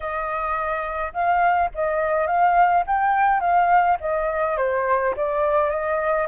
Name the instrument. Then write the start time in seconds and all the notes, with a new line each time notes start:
flute
0.00 D#5
1.13 F5
1.74 D#5
2.26 F5
2.86 G5
3.40 F5
4.00 D#5
4.57 C5
5.16 D5
5.70 D#5